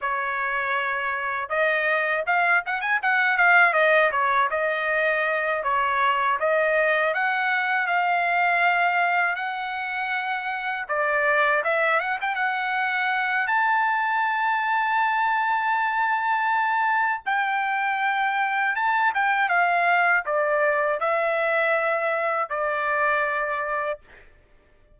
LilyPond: \new Staff \with { instrumentName = "trumpet" } { \time 4/4 \tempo 4 = 80 cis''2 dis''4 f''8 fis''16 gis''16 | fis''8 f''8 dis''8 cis''8 dis''4. cis''8~ | cis''8 dis''4 fis''4 f''4.~ | f''8 fis''2 d''4 e''8 |
fis''16 g''16 fis''4. a''2~ | a''2. g''4~ | g''4 a''8 g''8 f''4 d''4 | e''2 d''2 | }